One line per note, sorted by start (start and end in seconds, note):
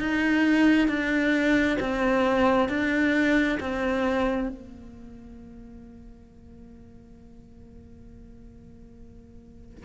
0.00 0.89 D#4
0.89 1.78 D4
1.80 2.69 C4
2.69 3.59 D4
3.60 4.49 C4
4.49 9.85 A#3